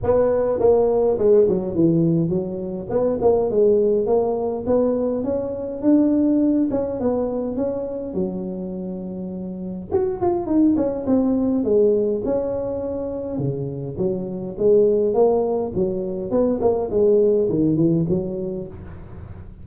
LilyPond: \new Staff \with { instrumentName = "tuba" } { \time 4/4 \tempo 4 = 103 b4 ais4 gis8 fis8 e4 | fis4 b8 ais8 gis4 ais4 | b4 cis'4 d'4. cis'8 | b4 cis'4 fis2~ |
fis4 fis'8 f'8 dis'8 cis'8 c'4 | gis4 cis'2 cis4 | fis4 gis4 ais4 fis4 | b8 ais8 gis4 dis8 e8 fis4 | }